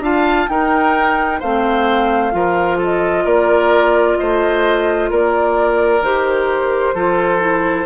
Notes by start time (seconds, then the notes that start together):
0.00 D4 F4 F5 A5
0.48 D#4 A#4 G5
1.40 A3 C4 C5 F5
2.32 F3 F4 A#4
2.77 A4
2.83 D#5
3.25 A#3 A#4 D5
4.17 A3 C5 D#5
5.10 A#3 A#4 D5
6.01 D#3 G4 C5
6.94 F3 F4 A4
7.39 E4